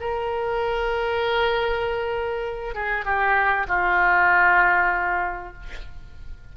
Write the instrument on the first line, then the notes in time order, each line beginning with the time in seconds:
oboe
0.00 A#4
2.74 G#4
3.05 G4
3.68 F4